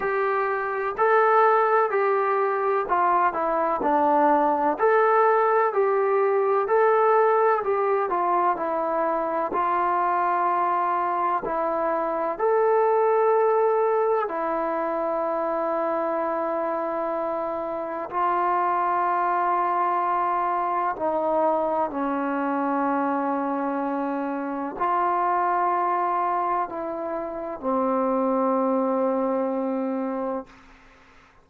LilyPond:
\new Staff \with { instrumentName = "trombone" } { \time 4/4 \tempo 4 = 63 g'4 a'4 g'4 f'8 e'8 | d'4 a'4 g'4 a'4 | g'8 f'8 e'4 f'2 | e'4 a'2 e'4~ |
e'2. f'4~ | f'2 dis'4 cis'4~ | cis'2 f'2 | e'4 c'2. | }